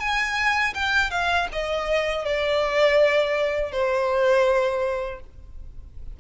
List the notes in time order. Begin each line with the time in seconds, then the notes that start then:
0.00 G#5
0.74 G5
1.11 F5
1.52 D#5
2.25 D5
3.72 C5